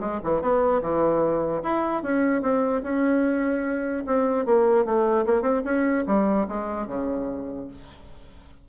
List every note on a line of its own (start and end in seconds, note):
0.00 0.20 G#3
0.24 0.41 E3
0.41 0.82 B3
0.82 1.63 E3
1.63 2.03 E4
2.03 2.42 C#4
2.42 2.82 C4
2.83 4.04 C#4
4.07 4.46 C4
4.46 4.85 A#3
4.85 5.25 A3
5.26 5.42 A#3
5.42 5.62 C4
5.64 6.05 C#4
6.07 6.47 G3
6.48 6.87 G#3
6.87 7.68 C#3